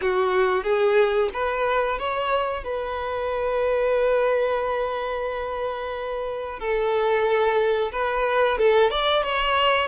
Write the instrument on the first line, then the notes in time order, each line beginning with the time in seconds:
violin
0.01 F#4
0.63 G#4
1.33 B4
1.98 C#5
2.64 B4
6.59 A4
7.92 B4
8.58 A4
8.90 D5
9.23 C#5